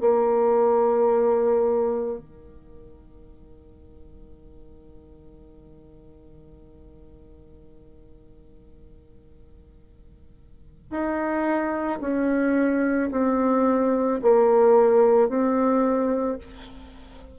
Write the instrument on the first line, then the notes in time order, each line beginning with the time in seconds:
bassoon
0.00 A#3
2.19 D#3
10.90 D#4
12.00 C#4
13.11 C4
14.22 A#3
15.28 C4